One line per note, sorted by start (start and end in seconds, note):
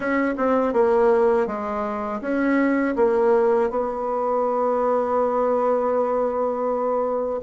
0.00 0.34 C#4
0.37 0.73 C4
0.73 1.46 A#3
1.46 2.21 G#3
2.21 2.95 C#4
2.96 3.70 A#3
3.70 7.40 B3